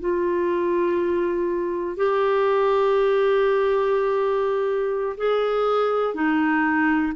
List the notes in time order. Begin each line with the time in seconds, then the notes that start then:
0.00 F4
1.97 G4
5.17 G#4
6.14 D#4